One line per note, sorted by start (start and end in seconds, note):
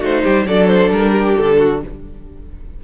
0.00 0.24 A3
0.00 0.46 D#4
0.00 0.22 F#4
0.00 0.47 C5
0.23 0.46 G3
0.23 0.45 G4
0.46 0.90 F#3
0.46 1.83 D4
0.46 1.11 A4
0.46 0.67 D5
0.67 0.90 C5
0.90 1.35 G3
0.90 1.36 A#4
1.11 1.56 G4
1.36 1.84 D3
1.36 1.81 A4
1.58 1.81 F#4